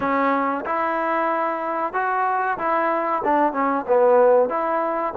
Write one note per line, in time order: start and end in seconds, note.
0.00 0.64 C#4
0.65 1.93 E4
1.93 2.57 F#4
2.58 3.22 E4
3.24 3.52 D4
3.52 3.85 C#4
3.87 4.49 B3
4.49 5.13 E4